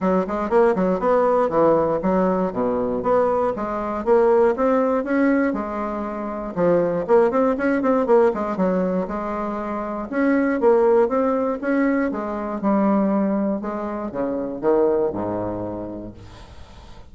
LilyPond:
\new Staff \with { instrumentName = "bassoon" } { \time 4/4 \tempo 4 = 119 fis8 gis8 ais8 fis8 b4 e4 | fis4 b,4 b4 gis4 | ais4 c'4 cis'4 gis4~ | gis4 f4 ais8 c'8 cis'8 c'8 |
ais8 gis8 fis4 gis2 | cis'4 ais4 c'4 cis'4 | gis4 g2 gis4 | cis4 dis4 gis,2 | }